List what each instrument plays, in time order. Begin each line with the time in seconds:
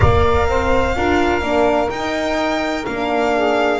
0.00 double bass A#3, horn A#4, saxophone D5, violin F5
0.48 double bass C4, saxophone C5
0.95 double bass D4, horn F4, saxophone A#4
1.40 double bass A#3, horn D4
1.89 double bass D#4, horn D#4, violin G5
2.85 double bass A#3, horn D4, violin F5
3.35 saxophone G#4